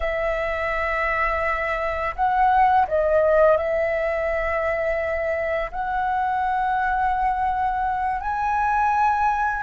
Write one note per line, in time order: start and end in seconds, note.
0.00 2.14 E5
2.15 2.86 F#5
2.87 3.57 D#5
3.57 5.71 E5
5.71 8.20 F#5
8.20 9.62 G#5